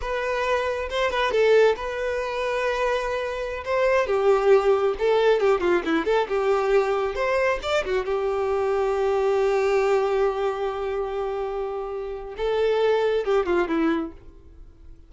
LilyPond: \new Staff \with { instrumentName = "violin" } { \time 4/4 \tempo 4 = 136 b'2 c''8 b'8 a'4 | b'1~ | b'16 c''4 g'2 a'8.~ | a'16 g'8 f'8 e'8 a'8 g'4.~ g'16~ |
g'16 c''4 d''8 fis'8 g'4.~ g'16~ | g'1~ | g'1 | a'2 g'8 f'8 e'4 | }